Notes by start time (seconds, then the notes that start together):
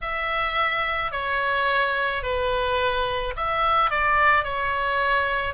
0.01 E5
1.11 C#5
2.22 B4
3.36 E5
3.90 D5
4.44 C#5